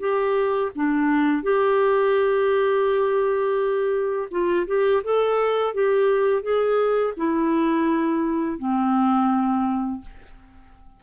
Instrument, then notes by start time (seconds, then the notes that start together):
clarinet
0.00 G4
0.76 D4
1.43 G4
4.31 F4
4.67 G4
5.04 A4
5.74 G4
6.43 G#4
7.17 E4
8.58 C4